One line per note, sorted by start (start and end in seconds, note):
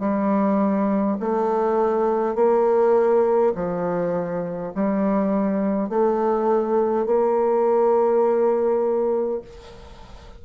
0.00 1.18 G3
1.20 2.35 A3
2.35 3.53 A#3
3.55 4.73 F3
4.75 5.89 G3
5.89 7.06 A3
7.06 9.41 A#3